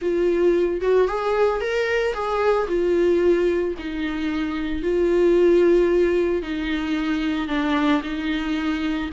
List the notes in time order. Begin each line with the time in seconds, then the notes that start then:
0.01 F4
0.81 F#4
1.07 G#4
1.60 A#4
2.13 G#4
2.67 F4
3.78 D#4
4.82 F4
6.42 D#4
7.48 D4
8.02 D#4